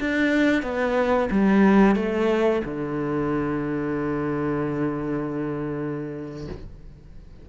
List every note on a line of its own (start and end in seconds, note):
0.00 0.63 D4
0.63 1.29 B3
1.31 1.96 G3
1.96 2.62 A3
2.65 6.48 D3